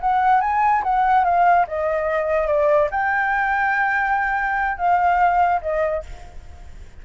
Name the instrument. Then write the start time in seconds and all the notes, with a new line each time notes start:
flute
0.00 F#5
0.41 G#5
0.83 F#5
1.24 F5
1.67 D#5
2.47 D5
2.91 G5
4.77 F5
5.61 D#5